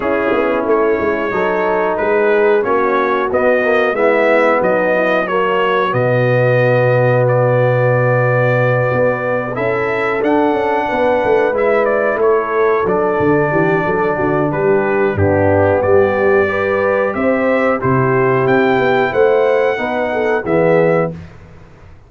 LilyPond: <<
  \new Staff \with { instrumentName = "trumpet" } { \time 4/4 \tempo 4 = 91 gis'4 cis''2 b'4 | cis''4 dis''4 e''4 dis''4 | cis''4 dis''2 d''4~ | d''2~ d''8 e''4 fis''8~ |
fis''4. e''8 d''8 cis''4 d''8~ | d''2 b'4 g'4 | d''2 e''4 c''4 | g''4 fis''2 e''4 | }
  \new Staff \with { instrumentName = "horn" } { \time 4/4 e'2 a'4 gis'4 | fis'2 e'4 dis'8 e'8 | fis'1~ | fis'2~ fis'8 a'4.~ |
a'8 b'2 a'4.~ | a'8 g'8 a'8 fis'8 g'4 d'4 | g'4 b'4 c''4 g'4~ | g'4 c''4 b'8 a'8 gis'4 | }
  \new Staff \with { instrumentName = "trombone" } { \time 4/4 cis'2 dis'2 | cis'4 b8 ais8 b2 | ais4 b2.~ | b2~ b8 e'4 d'8~ |
d'4. e'2 d'8~ | d'2. b4~ | b4 g'2 e'4~ | e'2 dis'4 b4 | }
  \new Staff \with { instrumentName = "tuba" } { \time 4/4 cis'8 b8 a8 gis8 fis4 gis4 | ais4 b4 gis4 fis4~ | fis4 b,2.~ | b,4. b4 cis'4 d'8 |
cis'8 b8 a8 gis4 a4 fis8 | d8 e8 fis8 d8 g4 g,4 | g2 c'4 c4 | c'8 b8 a4 b4 e4 | }
>>